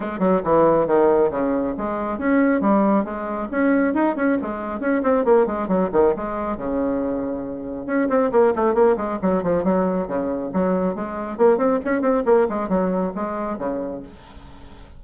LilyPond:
\new Staff \with { instrumentName = "bassoon" } { \time 4/4 \tempo 4 = 137 gis8 fis8 e4 dis4 cis4 | gis4 cis'4 g4 gis4 | cis'4 dis'8 cis'8 gis4 cis'8 c'8 | ais8 gis8 fis8 dis8 gis4 cis4~ |
cis2 cis'8 c'8 ais8 a8 | ais8 gis8 fis8 f8 fis4 cis4 | fis4 gis4 ais8 c'8 cis'8 c'8 | ais8 gis8 fis4 gis4 cis4 | }